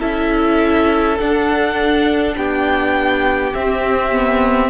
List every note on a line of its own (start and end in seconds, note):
0.00 1.18 C#4
0.00 1.18 E4
0.00 2.35 A4
0.00 1.18 E5
1.20 3.54 D4
1.20 2.36 D4
1.20 2.37 F#5
2.36 3.53 B3
2.36 4.70 G4
2.36 3.54 G5
3.54 4.11 C4
3.54 4.70 C4
3.54 4.70 E5
4.11 4.70 B3